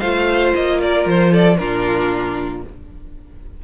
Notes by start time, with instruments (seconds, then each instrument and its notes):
0.00 cello A3, viola F4, violin C5 F5
0.55 cello A#3, violin D#5
0.82 violin A#4 D5
1.06 cello F3, violin C5
1.32 violin A4 D5
1.58 cello A#2, viola D4, violin F4 A#4